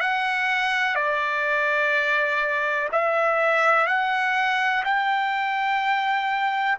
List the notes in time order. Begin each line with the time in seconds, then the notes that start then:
0.00 F#5
0.95 D5
2.92 E5
3.87 F#5
4.84 G5